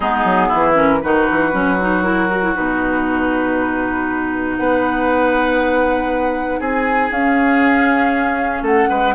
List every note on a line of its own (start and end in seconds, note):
0.00 0.24 G#3
0.00 0.74 B3
0.00 0.47 D#4
0.00 0.74 G#4
0.24 0.49 F#3
0.47 0.98 E4
0.53 1.03 E3
0.74 0.99 C#4
0.74 1.01 A#4
1.01 1.28 D#3
1.01 1.52 D#4
1.01 4.59 F#4
1.01 2.02 B4
1.29 1.53 E3
1.52 2.55 F#3
1.52 1.77 C#4
1.80 2.03 D#4
2.02 2.28 E4
2.02 2.52 A#4
2.29 2.42 F#4
2.42 2.55 E4
2.55 4.58 B2
2.55 7.12 D#4
2.55 4.56 B4
4.56 6.59 B3
4.56 6.59 B4
4.56 6.60 F#5
6.59 7.10 C4
6.59 8.62 G#4
6.59 7.12 G#5
7.10 8.62 C#4
7.10 9.14 C#4
7.10 8.64 F5
8.62 8.87 A3
8.62 8.88 A4
8.62 9.14 F#5
8.89 9.14 G#3
8.89 9.14 B4